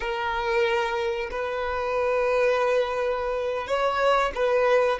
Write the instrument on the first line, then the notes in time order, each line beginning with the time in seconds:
violin
0.00 A#4
1.30 B4
3.67 C#5
4.34 B4